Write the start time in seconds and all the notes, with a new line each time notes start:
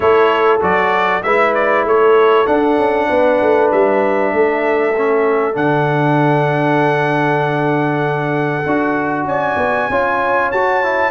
0.00 A3 E4 A4 C#5
0.60 F#3 F#4 D5
1.22 G#3 E4 B4 E5
1.54 D5
1.85 A3 A4 C#5
2.45 D4 F#5
2.77 C#4
3.08 B3 B4
3.41 A3
3.71 G3 E5
4.32 A3 A4
4.96 C#4
5.53 D3 D4 F#5
8.66 D4 F#4
9.24 C#4 D5 G#5
9.56 B3
9.89 C#4 F4 C#5
10.51 F#4 A5
10.83 E4